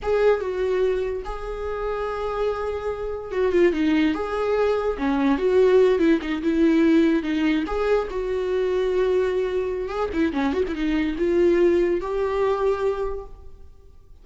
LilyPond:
\new Staff \with { instrumentName = "viola" } { \time 4/4 \tempo 4 = 145 gis'4 fis'2 gis'4~ | gis'1 | fis'8 f'8 dis'4 gis'2 | cis'4 fis'4. e'8 dis'8 e'8~ |
e'4. dis'4 gis'4 fis'8~ | fis'1 | gis'8 e'8 cis'8 fis'16 e'16 dis'4 f'4~ | f'4 g'2. | }